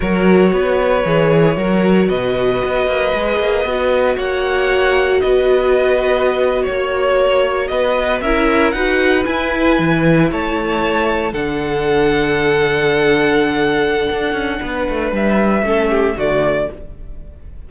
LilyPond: <<
  \new Staff \with { instrumentName = "violin" } { \time 4/4 \tempo 4 = 115 cis''1 | dis''1 | fis''2 dis''2~ | dis''8. cis''2 dis''4 e''16~ |
e''8. fis''4 gis''2 a''16~ | a''4.~ a''16 fis''2~ fis''16~ | fis''1~ | fis''4 e''2 d''4 | }
  \new Staff \with { instrumentName = "violin" } { \time 4/4 ais'4 b'2 ais'4 | b'1 | cis''2 b'2~ | b'8. cis''2 b'4 ais'16~ |
ais'8. b'2. cis''16~ | cis''4.~ cis''16 a'2~ a'16~ | a'1 | b'2 a'8 g'8 fis'4 | }
  \new Staff \with { instrumentName = "viola" } { \time 4/4 fis'2 gis'4 fis'4~ | fis'2 gis'4 fis'4~ | fis'1~ | fis'2.~ fis'8. e'16~ |
e'8. fis'4 e'2~ e'16~ | e'4.~ e'16 d'2~ d'16~ | d'1~ | d'2 cis'4 a4 | }
  \new Staff \with { instrumentName = "cello" } { \time 4/4 fis4 b4 e4 fis4 | b,4 b8 ais8 gis8 ais8 b4 | ais2 b2~ | b8. ais2 b4 cis'16~ |
cis'8. dis'4 e'4 e4 a16~ | a4.~ a16 d2~ d16~ | d2. d'8 cis'8 | b8 a8 g4 a4 d4 | }
>>